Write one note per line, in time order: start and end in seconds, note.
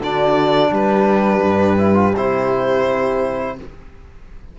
0.00 0.71 D3
0.00 1.78 D4
0.00 0.71 F#4
0.00 0.74 D5
0.71 1.41 G3
0.71 3.54 G4
0.71 2.15 B4
1.43 2.14 G2
1.78 1.94 E4
1.94 2.12 F4
2.16 3.59 C3
2.16 3.58 E4
2.16 3.57 C5